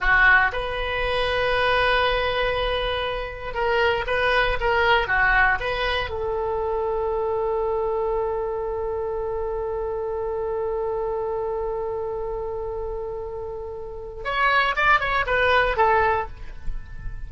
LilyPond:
\new Staff \with { instrumentName = "oboe" } { \time 4/4 \tempo 4 = 118 fis'4 b'2.~ | b'2. ais'4 | b'4 ais'4 fis'4 b'4 | a'1~ |
a'1~ | a'1~ | a'1 | cis''4 d''8 cis''8 b'4 a'4 | }